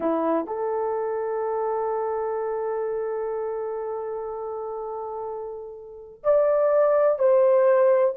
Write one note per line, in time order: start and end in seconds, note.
0.00 0.46 E4
0.46 6.22 A4
6.23 7.18 D5
7.18 8.14 C5